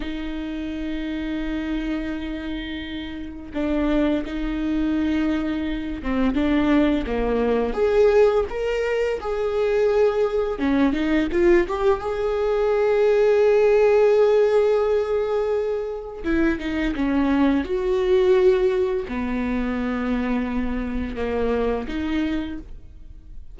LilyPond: \new Staff \with { instrumentName = "viola" } { \time 4/4 \tempo 4 = 85 dis'1~ | dis'4 d'4 dis'2~ | dis'8 c'8 d'4 ais4 gis'4 | ais'4 gis'2 cis'8 dis'8 |
f'8 g'8 gis'2.~ | gis'2. e'8 dis'8 | cis'4 fis'2 b4~ | b2 ais4 dis'4 | }